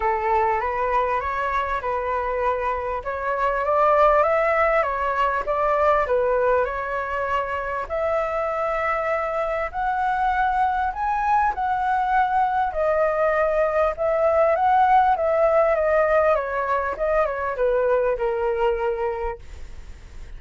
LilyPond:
\new Staff \with { instrumentName = "flute" } { \time 4/4 \tempo 4 = 99 a'4 b'4 cis''4 b'4~ | b'4 cis''4 d''4 e''4 | cis''4 d''4 b'4 cis''4~ | cis''4 e''2. |
fis''2 gis''4 fis''4~ | fis''4 dis''2 e''4 | fis''4 e''4 dis''4 cis''4 | dis''8 cis''8 b'4 ais'2 | }